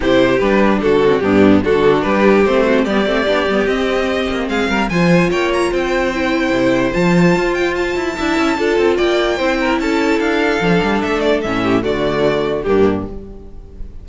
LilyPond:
<<
  \new Staff \with { instrumentName = "violin" } { \time 4/4 \tempo 4 = 147 c''4 b'4 a'4 g'4 | a'4 b'4 c''4 d''4~ | d''4 dis''2 f''4 | gis''4 g''8 ais''8 g''2~ |
g''4 a''4. g''8 a''4~ | a''2 g''2 | a''4 f''2 e''8 d''8 | e''4 d''2 g'4 | }
  \new Staff \with { instrumentName = "violin" } { \time 4/4 g'2 fis'4 d'4 | fis'4 g'4. fis'8 g'4~ | g'2. gis'8 ais'8 | c''4 cis''4 c''2~ |
c''1 | e''4 a'4 d''4 c''8 ais'8 | a'1~ | a'8 g'8 fis'2 d'4 | }
  \new Staff \with { instrumentName = "viola" } { \time 4/4 e'4 d'4. c'8 b4 | d'2 c'4 b8 c'8 | d'8 b8 c'2. | f'2. e'4~ |
e'4 f'2. | e'4 f'2 e'4~ | e'2 d'2 | cis'4 a2 ais4 | }
  \new Staff \with { instrumentName = "cello" } { \time 4/4 c4 g4 d4 g,4 | d4 g4 a4 g8 a8 | b8 g8 c'4. ais8 gis8 g8 | f4 ais4 c'2 |
c4 f4 f'4. e'8 | d'8 cis'8 d'8 c'8 ais4 c'4 | cis'4 d'4 f8 g8 a4 | a,4 d2 g,4 | }
>>